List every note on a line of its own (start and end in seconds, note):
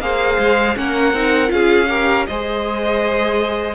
0.00 0.38 A#3
0.00 0.75 G#4
0.00 0.78 C5
0.00 0.76 F5
0.38 0.76 G#3
0.75 1.13 A#3
0.75 1.12 C#4
0.75 1.53 A#4
0.75 1.51 F#5
1.13 1.50 C4
1.13 1.47 D#4
1.47 2.27 C#4
1.47 1.85 F4
1.47 2.26 F5
1.53 1.90 G#4
1.89 2.26 G4
1.89 2.27 A#4
2.27 3.75 G#3
2.27 3.75 G#4
2.27 3.75 C5
2.27 3.75 D#5